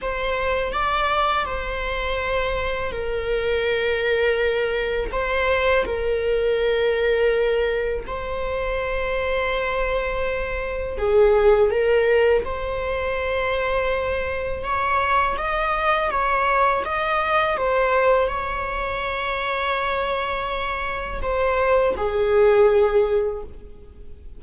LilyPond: \new Staff \with { instrumentName = "viola" } { \time 4/4 \tempo 4 = 82 c''4 d''4 c''2 | ais'2. c''4 | ais'2. c''4~ | c''2. gis'4 |
ais'4 c''2. | cis''4 dis''4 cis''4 dis''4 | c''4 cis''2.~ | cis''4 c''4 gis'2 | }